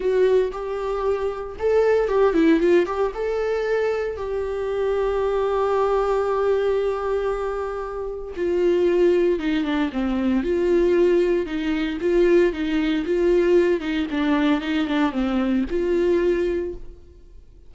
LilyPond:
\new Staff \with { instrumentName = "viola" } { \time 4/4 \tempo 4 = 115 fis'4 g'2 a'4 | g'8 e'8 f'8 g'8 a'2 | g'1~ | g'1 |
f'2 dis'8 d'8 c'4 | f'2 dis'4 f'4 | dis'4 f'4. dis'8 d'4 | dis'8 d'8 c'4 f'2 | }